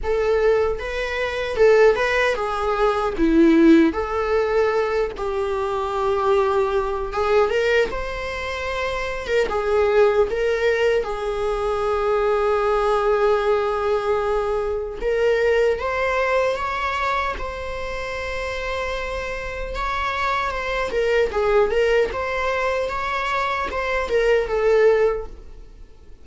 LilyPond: \new Staff \with { instrumentName = "viola" } { \time 4/4 \tempo 4 = 76 a'4 b'4 a'8 b'8 gis'4 | e'4 a'4. g'4.~ | g'4 gis'8 ais'8 c''4.~ c''16 ais'16 | gis'4 ais'4 gis'2~ |
gis'2. ais'4 | c''4 cis''4 c''2~ | c''4 cis''4 c''8 ais'8 gis'8 ais'8 | c''4 cis''4 c''8 ais'8 a'4 | }